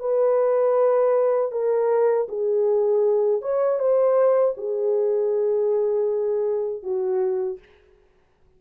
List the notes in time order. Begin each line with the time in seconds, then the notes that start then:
0.00 B4
1.52 A#4
2.29 G#4
3.42 C#5
3.79 C5
4.58 G#4
6.83 F#4